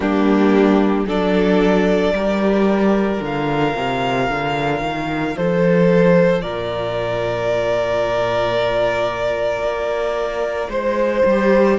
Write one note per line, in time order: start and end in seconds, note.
0.00 1.04 G3
0.00 1.06 A#3
0.00 1.06 D4
0.00 1.07 G4
1.04 2.11 F#3
1.04 2.15 D4
1.04 2.13 A4
1.04 3.23 D5
2.12 3.19 G3
2.12 3.20 G4
2.12 5.36 A#4
3.20 3.74 D3
3.20 11.23 F4
3.20 5.36 F5
3.76 4.29 C3
4.29 4.81 D3
4.81 5.34 D#3
5.36 6.43 F3
5.36 6.43 A4
5.36 6.41 C5
6.41 9.62 A#2
6.41 10.69 A#4
6.41 10.70 D5
9.62 10.68 A#3
10.68 11.22 G#3
10.68 11.76 C5
10.68 11.79 C5
11.25 11.79 G3
11.25 11.79 G4